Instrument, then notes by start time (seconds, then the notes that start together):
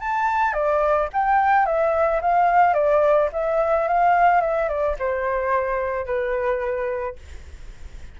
flute
0.00 A5
0.53 D5
1.13 G5
1.65 E5
2.21 F5
2.73 D5
3.32 E5
3.88 F5
4.41 E5
4.68 D5
4.99 C5
6.06 B4